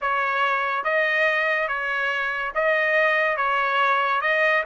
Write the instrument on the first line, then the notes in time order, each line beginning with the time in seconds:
trumpet
0.01 C#5
0.84 D#5
1.68 C#5
2.54 D#5
3.36 C#5
4.21 D#5